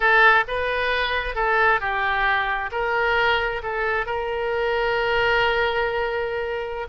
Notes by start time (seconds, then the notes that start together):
0.00 A4
0.47 B4
1.35 A4
1.80 G4
2.71 A#4
3.62 A4
4.06 A#4